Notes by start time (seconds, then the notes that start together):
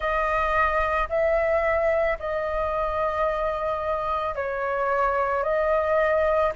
0.00 D#5
1.09 E5
2.19 D#5
4.35 C#5
5.42 D#5